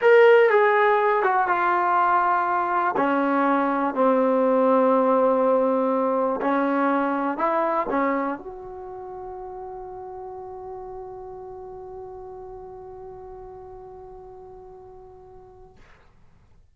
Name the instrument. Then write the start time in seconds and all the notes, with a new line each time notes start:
trombone
0.01 A#4
0.49 G#4
1.23 F#4
1.47 F4
2.96 C#4
3.94 C4
6.41 C#4
7.37 E4
7.89 C#4
8.38 F#4